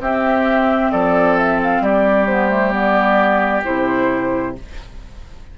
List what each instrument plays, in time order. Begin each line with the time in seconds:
0.00 bassoon C4, clarinet C4, oboe G4, flute E5
0.92 bassoon F3, oboe A4, flute D5
1.38 flute E5
1.63 flute F5
1.81 bassoon G3, oboe G4, flute D5
2.27 clarinet B3, flute C5
2.50 clarinet A3
2.72 clarinet B3, flute D5
3.64 bassoon C3, clarinet E4, flute C5